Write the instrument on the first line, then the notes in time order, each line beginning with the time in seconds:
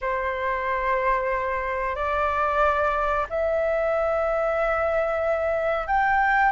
flute
0.01 C5
1.95 D5
3.29 E5
5.87 G5